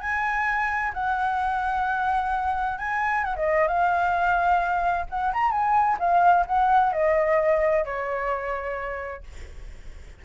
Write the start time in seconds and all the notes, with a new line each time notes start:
0.00 G#5
0.94 F#5
2.78 G#5
3.24 F#5
3.36 D#5
3.68 F5
5.09 F#5
5.33 A#5
5.51 G#5
5.99 F5
6.46 F#5
6.93 D#5
7.85 C#5